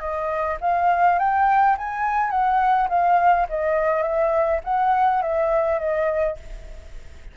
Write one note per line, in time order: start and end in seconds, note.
0.00 0.58 D#5
0.61 1.19 F5
1.19 1.77 G5
1.78 2.31 G#5
2.31 2.88 F#5
2.89 3.47 F5
3.50 4.03 D#5
4.03 4.61 E5
4.65 5.22 F#5
5.22 5.80 E5
5.80 6.37 D#5